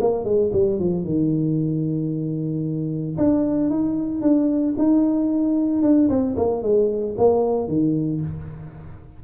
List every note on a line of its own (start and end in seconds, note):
0.00 0.24 A#3
0.24 0.50 G#3
0.52 0.79 G3
0.79 1.04 F3
1.04 3.17 D#3
3.17 3.70 D4
3.70 4.21 D#4
4.21 4.74 D4
4.78 5.82 D#4
5.82 6.08 D4
6.09 6.35 C4
6.36 6.62 A#3
6.62 7.15 G#3
7.17 7.67 A#3
7.67 8.21 D#3